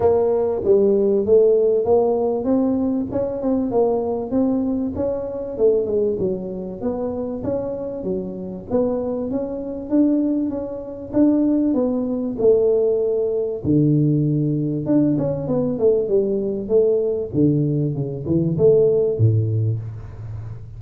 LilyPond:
\new Staff \with { instrumentName = "tuba" } { \time 4/4 \tempo 4 = 97 ais4 g4 a4 ais4 | c'4 cis'8 c'8 ais4 c'4 | cis'4 a8 gis8 fis4 b4 | cis'4 fis4 b4 cis'4 |
d'4 cis'4 d'4 b4 | a2 d2 | d'8 cis'8 b8 a8 g4 a4 | d4 cis8 e8 a4 a,4 | }